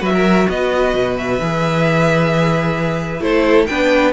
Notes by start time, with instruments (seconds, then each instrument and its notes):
0.00 cello F#3, viola F#4, violin B4 E5
0.14 violin A#4
0.48 cello B3, violin B4 D#5
0.94 cello B2
1.17 violin E5
1.39 cello E3, viola G#4
3.20 cello A3, viola E4, violin A4 C5
3.66 cello B3, viola D4, violin B4 G5